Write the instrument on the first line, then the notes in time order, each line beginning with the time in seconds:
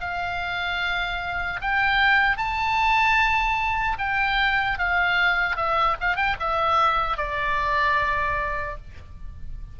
oboe
0.00 F5
1.61 G5
2.37 A5
3.98 G5
4.78 F5
5.56 E5
6.00 F5
6.16 G5
6.40 E5
7.17 D5